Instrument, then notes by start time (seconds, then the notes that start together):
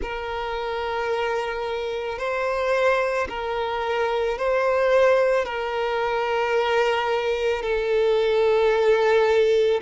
violin
0.01 A#4
2.18 C5
3.28 A#4
4.38 C5
5.45 A#4
7.62 A4